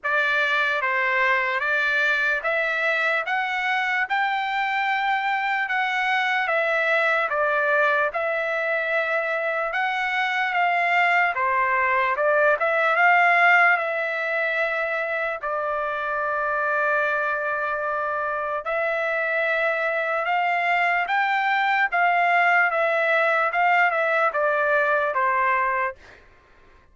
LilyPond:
\new Staff \with { instrumentName = "trumpet" } { \time 4/4 \tempo 4 = 74 d''4 c''4 d''4 e''4 | fis''4 g''2 fis''4 | e''4 d''4 e''2 | fis''4 f''4 c''4 d''8 e''8 |
f''4 e''2 d''4~ | d''2. e''4~ | e''4 f''4 g''4 f''4 | e''4 f''8 e''8 d''4 c''4 | }